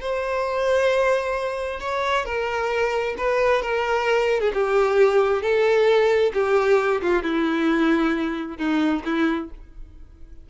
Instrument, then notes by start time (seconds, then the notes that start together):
violin
0.00 C5
1.80 C#5
2.25 A#4
3.17 B4
3.61 A#4
4.40 G#4
4.53 G4
5.42 A4
6.33 G4
7.01 F4
7.22 E4
8.57 D#4
9.05 E4